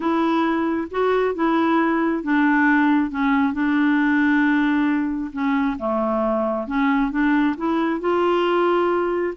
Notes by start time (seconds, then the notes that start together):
0.00 E4
0.90 F#4
1.34 E4
2.23 D4
3.11 C#4
3.53 D4
5.32 C#4
5.78 A3
6.67 C#4
7.11 D4
7.57 E4
8.00 F4